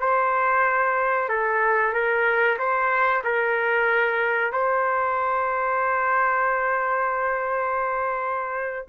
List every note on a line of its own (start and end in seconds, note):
0.00 1.29 C5
1.29 1.93 A4
1.93 2.58 A#4
2.58 3.23 C5
3.24 4.52 A#4
4.52 8.88 C5